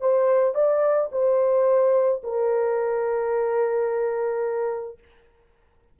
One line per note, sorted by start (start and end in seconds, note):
0.00 0.55 C5
0.55 1.10 D5
1.11 2.21 C5
2.23 4.98 A#4